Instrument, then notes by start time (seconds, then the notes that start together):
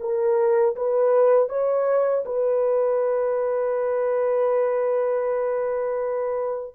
horn
0.00 A#4
0.75 B4
1.49 C#5
2.25 B4